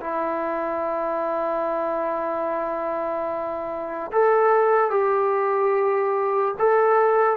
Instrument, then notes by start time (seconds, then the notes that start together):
trombone
0.00 E4
4.12 A4
4.90 G4
6.58 A4